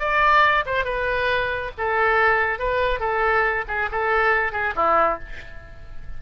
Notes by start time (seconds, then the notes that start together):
0.00 D5
0.66 C5
0.85 B4
1.78 A4
2.59 B4
3.00 A4
3.68 G#4
3.91 A4
4.52 G#4
4.76 E4